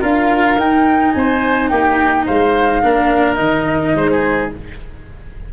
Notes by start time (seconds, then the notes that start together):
0.00 D4 F4 A#4 F5
0.55 D#4 G5
1.11 C4 C5 G#5
1.68 A#3 G4 G5
2.25 G#3 C5 F5
2.82 A#3 D4 A#4
3.35 D#3 D#4 D#5
3.95 G#3 C5
4.07 G#4 C5